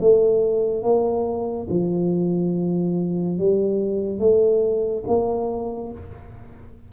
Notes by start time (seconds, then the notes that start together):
0.00 A3
0.83 A#3
1.70 F3
3.38 G3
4.19 A3
5.07 A#3